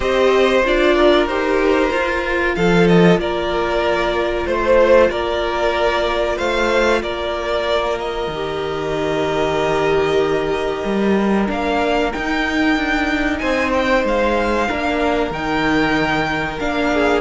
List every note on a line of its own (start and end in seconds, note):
0.00 0.62 C4
0.00 0.62 G4
0.00 0.95 C5
0.00 0.64 D#5
0.65 1.26 D4
0.65 1.29 F4
0.65 1.27 D5
0.95 2.55 A#4
1.26 1.90 D#4
1.26 1.91 G4
1.26 2.54 C5
1.91 8.29 F4
1.91 2.56 F4
2.55 3.17 F3
2.55 3.20 A4
2.55 2.87 F5
2.87 3.19 D#5
3.17 4.45 A#3
3.17 4.47 A#4
3.17 4.46 D5
4.46 5.10 A3
4.46 5.10 C5
4.46 5.11 C5
5.10 6.38 A#3
5.10 6.36 A#4
5.10 6.38 D5
6.36 7.02 A3
6.36 7.00 C5
6.36 7.01 F5
7.02 8.27 A#3
7.02 13.40 A#4
7.02 7.98 D5
7.98 11.49 D#5
8.27 10.82 D#3
8.33 11.47 G4
10.84 11.48 G3
11.47 12.12 A#3
11.47 12.10 D4
11.47 12.12 F5
12.12 14.68 D#4
12.12 12.76 D#4
12.12 13.38 G5
12.76 13.40 D4
13.38 14.04 C4
13.38 14.68 C5
13.38 13.70 G#5
13.72 14.04 G5
14.04 14.67 G#3
14.04 15.32 F5
14.68 15.30 A#3
14.68 15.33 D4
14.68 16.91 A#4
15.30 16.58 D#3
15.30 16.59 D#4
15.30 16.59 G5
16.59 17.20 A#3
16.59 17.20 D4
16.59 17.20 F5
16.93 17.20 G#4